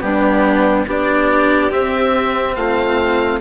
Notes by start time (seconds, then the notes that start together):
0.00 G3 B3 D4 G4
0.86 B3 D4 G4 D5
1.70 C4 E5
2.55 A3 F4 F5